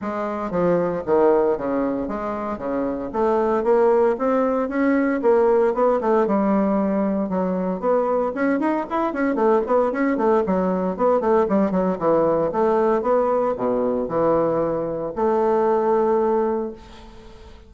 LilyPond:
\new Staff \with { instrumentName = "bassoon" } { \time 4/4 \tempo 4 = 115 gis4 f4 dis4 cis4 | gis4 cis4 a4 ais4 | c'4 cis'4 ais4 b8 a8 | g2 fis4 b4 |
cis'8 dis'8 e'8 cis'8 a8 b8 cis'8 a8 | fis4 b8 a8 g8 fis8 e4 | a4 b4 b,4 e4~ | e4 a2. | }